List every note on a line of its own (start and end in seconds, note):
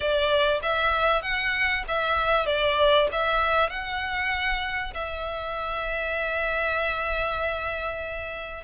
0.00 0.60 D5
0.62 1.22 E5
1.22 1.84 F#5
1.88 2.46 E5
2.46 3.08 D5
3.12 3.69 E5
3.69 4.93 F#5
4.94 8.64 E5